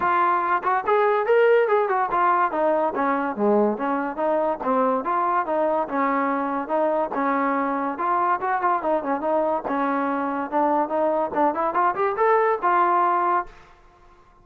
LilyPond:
\new Staff \with { instrumentName = "trombone" } { \time 4/4 \tempo 4 = 143 f'4. fis'8 gis'4 ais'4 | gis'8 fis'8 f'4 dis'4 cis'4 | gis4 cis'4 dis'4 c'4 | f'4 dis'4 cis'2 |
dis'4 cis'2 f'4 | fis'8 f'8 dis'8 cis'8 dis'4 cis'4~ | cis'4 d'4 dis'4 d'8 e'8 | f'8 g'8 a'4 f'2 | }